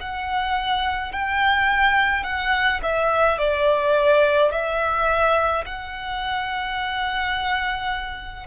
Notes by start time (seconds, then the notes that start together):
0.00 F#5
1.12 G5
2.23 F#5
2.83 E5
3.38 D5
4.51 E5
5.66 F#5